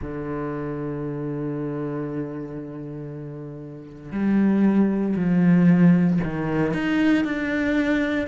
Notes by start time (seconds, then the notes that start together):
0.01 D3
4.11 G3
5.16 F3
6.23 D#3
6.73 D#4
7.24 D4